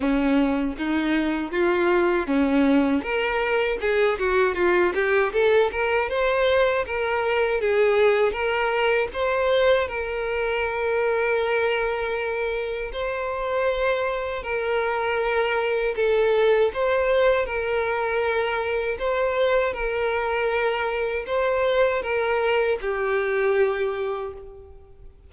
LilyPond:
\new Staff \with { instrumentName = "violin" } { \time 4/4 \tempo 4 = 79 cis'4 dis'4 f'4 cis'4 | ais'4 gis'8 fis'8 f'8 g'8 a'8 ais'8 | c''4 ais'4 gis'4 ais'4 | c''4 ais'2.~ |
ais'4 c''2 ais'4~ | ais'4 a'4 c''4 ais'4~ | ais'4 c''4 ais'2 | c''4 ais'4 g'2 | }